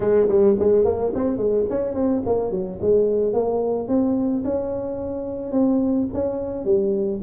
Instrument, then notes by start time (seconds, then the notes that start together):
tuba
0.00 G#3
0.28 G3
0.59 G#3
0.85 A#3
1.14 C4
1.37 G#3
1.69 C#4
1.94 C4
2.26 A#3
2.51 F#3
2.81 G#3
3.33 A#3
3.87 C4
4.44 C#4
5.52 C4
6.13 C#4
6.65 G3